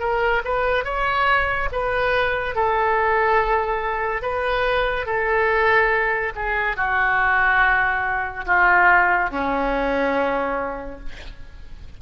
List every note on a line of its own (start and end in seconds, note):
0.00 0.42 A#4
0.45 0.85 B4
0.85 1.69 C#5
1.72 2.55 B4
2.55 4.23 A4
4.23 5.07 B4
5.07 6.33 A4
6.35 6.76 G#4
6.76 8.45 F#4
8.46 9.31 F4
9.31 11.00 C#4